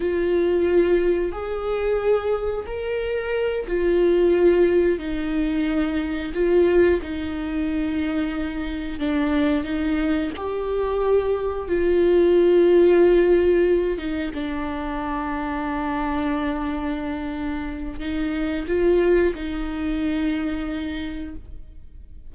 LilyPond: \new Staff \with { instrumentName = "viola" } { \time 4/4 \tempo 4 = 90 f'2 gis'2 | ais'4. f'2 dis'8~ | dis'4. f'4 dis'4.~ | dis'4. d'4 dis'4 g'8~ |
g'4. f'2~ f'8~ | f'4 dis'8 d'2~ d'8~ | d'2. dis'4 | f'4 dis'2. | }